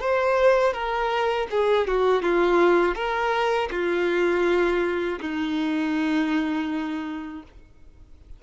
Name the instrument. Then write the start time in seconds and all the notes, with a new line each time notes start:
violin
0.00 C5
0.73 A#4
1.51 G#4
1.87 F#4
2.22 F4
2.95 A#4
3.71 F4
5.20 D#4